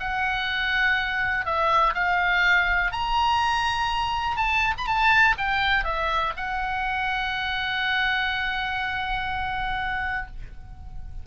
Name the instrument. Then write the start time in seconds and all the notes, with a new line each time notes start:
oboe
0.00 F#5
1.45 E5
1.94 F5
2.92 A#5
4.37 A5
4.78 B5
4.86 A5
5.38 G5
5.84 E5
6.37 F#5